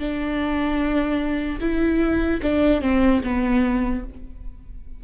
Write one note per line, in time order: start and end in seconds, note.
0.00 1.60 D4
1.61 2.41 E4
2.43 2.82 D4
2.82 3.22 C4
3.24 4.04 B3